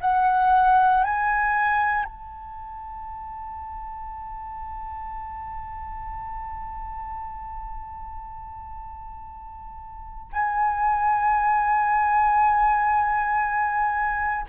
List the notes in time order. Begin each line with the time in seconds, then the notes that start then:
0.00 F#5
1.03 G#5
2.04 A5
10.32 G#5